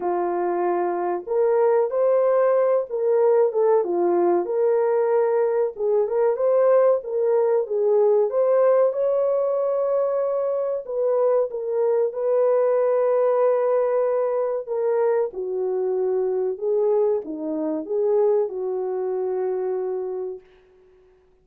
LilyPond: \new Staff \with { instrumentName = "horn" } { \time 4/4 \tempo 4 = 94 f'2 ais'4 c''4~ | c''8 ais'4 a'8 f'4 ais'4~ | ais'4 gis'8 ais'8 c''4 ais'4 | gis'4 c''4 cis''2~ |
cis''4 b'4 ais'4 b'4~ | b'2. ais'4 | fis'2 gis'4 dis'4 | gis'4 fis'2. | }